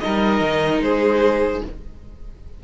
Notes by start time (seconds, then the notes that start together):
0.00 G3 D#4 A#4 D#5
0.40 D#3
0.80 G#3 G#4 C5